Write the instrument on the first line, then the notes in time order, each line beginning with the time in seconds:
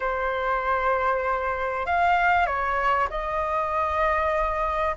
flute
0.00 C5
1.86 F5
2.46 C#5
3.10 D#5